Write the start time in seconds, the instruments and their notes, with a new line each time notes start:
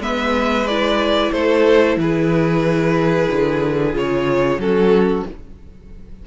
0.00 cello G#3, viola B3, violin B4 E5
0.67 viola E4, violin D5
1.32 cello A3, violin A4 C5
1.97 cello E3, violin G#4 B4
3.31 cello D3
3.93 cello C#3, viola F4, violin C#5
4.57 cello F#3, viola C#4, violin F#4 A4